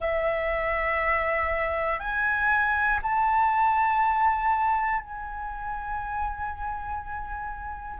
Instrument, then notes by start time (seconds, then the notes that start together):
flute
0.00 E5
1.99 G#5
3.02 A5
5.00 G#5